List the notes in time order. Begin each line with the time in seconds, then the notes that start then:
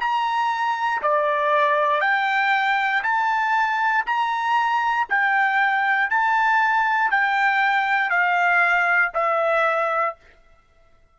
0.00 A#5
1.02 D5
2.01 G5
3.04 A5
4.06 A#5
5.09 G5
6.10 A5
7.11 G5
8.10 F5
9.14 E5